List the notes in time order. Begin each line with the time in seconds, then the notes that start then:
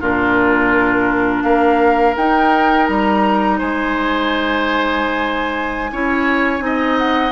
0.00 A#2 D4 F4 A#4
1.43 A#3 A#4 F5
2.16 D#4 G5
2.87 G3 A#5
3.58 G#3 C5 G#5
5.92 C#4 E4 C#5
6.59 C4 D#4 D#5
6.98 F#5